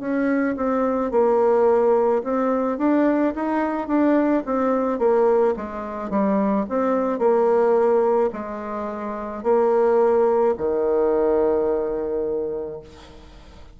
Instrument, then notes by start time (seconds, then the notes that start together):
bassoon
0.00 C#4
0.56 C4
1.11 A#3
2.23 C4
2.78 D4
3.35 D#4
3.87 D4
4.45 C4
4.98 A#3
5.56 G#3
6.10 G3
6.69 C4
7.19 A#3
8.33 G#3
9.43 A#3
10.58 D#3